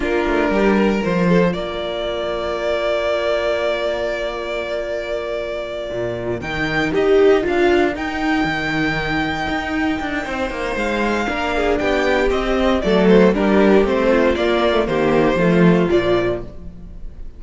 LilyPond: <<
  \new Staff \with { instrumentName = "violin" } { \time 4/4 \tempo 4 = 117 ais'2 c''4 d''4~ | d''1~ | d''1~ | d''8 g''4 dis''4 f''4 g''8~ |
g''1~ | g''4 f''2 g''4 | dis''4 d''8 c''8 ais'4 c''4 | d''4 c''2 d''4 | }
  \new Staff \with { instrumentName = "violin" } { \time 4/4 f'4 g'8 ais'4 a'8 ais'4~ | ais'1~ | ais'1~ | ais'1~ |
ais'1 | c''2 ais'8 gis'8 g'4~ | g'4 a'4 g'4. f'8~ | f'4 g'4 f'2 | }
  \new Staff \with { instrumentName = "viola" } { \time 4/4 d'2 f'2~ | f'1~ | f'1~ | f'8 dis'4 g'4 f'4 dis'8~ |
dis'1~ | dis'2 d'2 | c'4 a4 d'4 c'4 | ais8. a16 ais4 a4 f4 | }
  \new Staff \with { instrumentName = "cello" } { \time 4/4 ais8 a8 g4 f4 ais4~ | ais1~ | ais2.~ ais8 ais,8~ | ais,8 dis4 dis'4 d'4 dis'8~ |
dis'8 dis2 dis'4 d'8 | c'8 ais8 gis4 ais4 b4 | c'4 fis4 g4 a4 | ais4 dis4 f4 ais,4 | }
>>